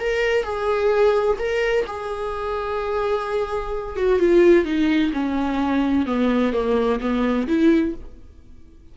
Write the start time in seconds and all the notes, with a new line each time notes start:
0.00 A#4
0.43 G#4
1.39 A#4
1.87 G#4
3.96 F#4
4.19 F4
4.65 D#4
5.13 C#4
6.06 B3
6.53 A#3
7.01 B3
7.48 E4